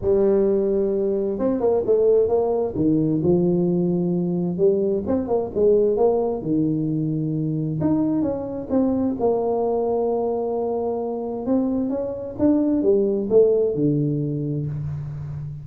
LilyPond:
\new Staff \with { instrumentName = "tuba" } { \time 4/4 \tempo 4 = 131 g2. c'8 ais8 | a4 ais4 dis4 f4~ | f2 g4 c'8 ais8 | gis4 ais4 dis2~ |
dis4 dis'4 cis'4 c'4 | ais1~ | ais4 c'4 cis'4 d'4 | g4 a4 d2 | }